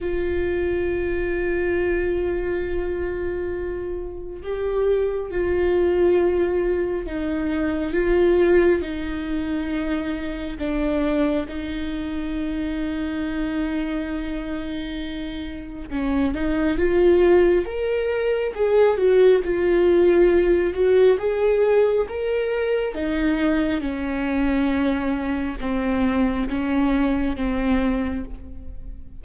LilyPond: \new Staff \with { instrumentName = "viola" } { \time 4/4 \tempo 4 = 68 f'1~ | f'4 g'4 f'2 | dis'4 f'4 dis'2 | d'4 dis'2.~ |
dis'2 cis'8 dis'8 f'4 | ais'4 gis'8 fis'8 f'4. fis'8 | gis'4 ais'4 dis'4 cis'4~ | cis'4 c'4 cis'4 c'4 | }